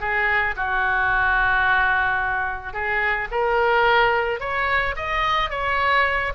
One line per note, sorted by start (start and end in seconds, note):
0.00 0.55 G#4
0.57 2.73 F#4
2.73 3.28 G#4
3.32 4.40 A#4
4.40 4.95 C#5
4.96 5.50 D#5
5.50 6.33 C#5